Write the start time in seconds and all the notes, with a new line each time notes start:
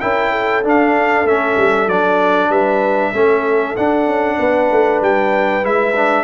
0.00 C#4 E4 A#4 G5
0.31 A4
0.63 D4 F5
1.24 A3 C#4 E5
1.57 G3
1.87 F#3 D4 D5
2.49 G3 B4 E5
3.13 A3 C#4 A4
3.76 D4 F#5
4.06 C#4
4.38 B3 B4
4.71 A3
5.01 G3 G5
5.62 G#3 E4 E5
5.95 D4